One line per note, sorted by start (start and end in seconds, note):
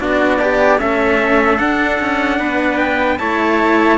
0.00 0.81 B3
0.00 0.40 D4
0.00 0.39 F#4
0.00 0.80 D5
0.39 0.79 D4
0.39 0.79 G4
0.79 1.60 A3
0.79 1.58 C#4
0.79 2.39 A4
0.79 1.58 E5
1.58 3.18 D4
1.58 2.00 D4
1.58 2.78 F#5
2.00 2.40 C#4
2.39 3.20 B3
2.39 3.19 B4
2.78 3.18 G5
3.19 3.99 A3
3.19 3.99 E4
3.19 3.99 C#5
3.19 3.99 A5